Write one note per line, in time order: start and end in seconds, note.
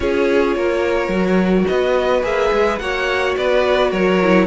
0.00 0.55 C#4
0.00 1.12 F4
0.00 0.56 G#4
0.00 1.65 C#5
0.55 1.08 A#3
0.55 1.69 A#4
1.08 1.64 F#3
1.08 2.22 F#4
1.67 2.22 B3
1.67 2.81 B4
1.67 2.23 D#5
2.22 2.50 A#3
2.22 2.78 G#4
2.22 2.78 E5
2.52 2.80 G#3
2.78 3.36 A#3
2.78 4.21 F#4
2.78 3.37 C#5
2.78 3.34 F#5
3.37 3.91 B3
3.37 3.90 B4
3.37 3.91 D5
3.90 4.47 F#3
3.90 4.46 A#4
3.90 4.47 C#5
4.22 4.47 E4